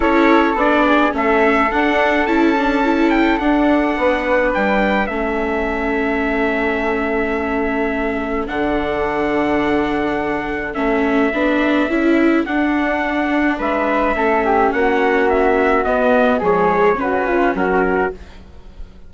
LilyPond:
<<
  \new Staff \with { instrumentName = "trumpet" } { \time 4/4 \tempo 4 = 106 cis''4 d''4 e''4 fis''4 | a''4. g''8 fis''2 | g''4 e''2.~ | e''2. fis''4~ |
fis''2. e''4~ | e''2 fis''2 | e''2 fis''4 e''4 | dis''4 cis''4 b'4 ais'4 | }
  \new Staff \with { instrumentName = "flute" } { \time 4/4 a'4. gis'8 a'2~ | a'2. b'4~ | b'4 a'2.~ | a'1~ |
a'1~ | a'1 | b'4 a'8 g'8 fis'2~ | fis'4 gis'4 fis'8 f'8 fis'4 | }
  \new Staff \with { instrumentName = "viola" } { \time 4/4 e'4 d'4 cis'4 d'4 | e'8 d'8 e'4 d'2~ | d'4 cis'2.~ | cis'2. d'4~ |
d'2. cis'4 | d'4 e'4 d'2~ | d'4 cis'2. | b4 gis4 cis'2 | }
  \new Staff \with { instrumentName = "bassoon" } { \time 4/4 cis'4 b4 a4 d'4 | cis'2 d'4 b4 | g4 a2.~ | a2. d4~ |
d2. a4 | b4 cis'4 d'2 | gis4 a4 ais2 | b4 f4 cis4 fis4 | }
>>